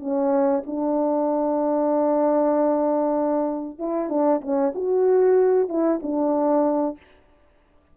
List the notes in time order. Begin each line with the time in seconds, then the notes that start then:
0.00 C#4
0.67 D4
3.79 E4
4.10 D4
4.42 C#4
4.75 F#4
5.69 E4
6.03 D4